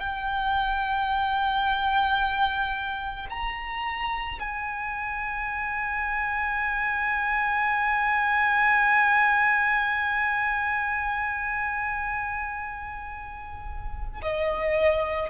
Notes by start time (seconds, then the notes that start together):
0.00 G5
3.30 A#5
4.40 G#5
14.23 D#5